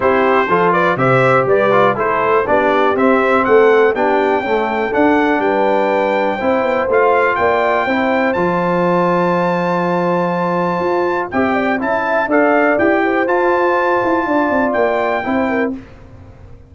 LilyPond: <<
  \new Staff \with { instrumentName = "trumpet" } { \time 4/4 \tempo 4 = 122 c''4. d''8 e''4 d''4 | c''4 d''4 e''4 fis''4 | g''2 fis''4 g''4~ | g''2 f''4 g''4~ |
g''4 a''2.~ | a''2. g''4 | a''4 f''4 g''4 a''4~ | a''2 g''2 | }
  \new Staff \with { instrumentName = "horn" } { \time 4/4 g'4 a'8 b'8 c''4 b'4 | a'4 g'2 a'4 | g'4 a'2 b'4~ | b'4 c''2 d''4 |
c''1~ | c''2. e''8 d''8 | e''4 d''4. c''4.~ | c''4 d''2 c''8 ais'8 | }
  \new Staff \with { instrumentName = "trombone" } { \time 4/4 e'4 f'4 g'4. f'8 | e'4 d'4 c'2 | d'4 a4 d'2~ | d'4 e'4 f'2 |
e'4 f'2.~ | f'2. g'4 | e'4 a'4 g'4 f'4~ | f'2. e'4 | }
  \new Staff \with { instrumentName = "tuba" } { \time 4/4 c'4 f4 c4 g4 | a4 b4 c'4 a4 | b4 cis'4 d'4 g4~ | g4 c'8 b8 a4 ais4 |
c'4 f2.~ | f2 f'4 c'4 | cis'4 d'4 e'4 f'4~ | f'8 e'8 d'8 c'8 ais4 c'4 | }
>>